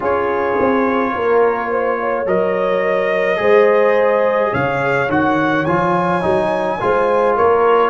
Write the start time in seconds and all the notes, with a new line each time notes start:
0.00 C#4 F4 G#4 C#5
0.59 C4
1.13 A#3 A#4
1.70 C5
2.00 C#5
2.26 F#3 A#4 D#5
3.36 G#3 G#4 C5
4.51 C#3 C#5 F5
5.08 D#3 F#4 F#5
5.65 F3 F4 G#5
6.21 F#3 D#4
6.80 G#3 F4 C5
7.36 A#3 A#4 C#5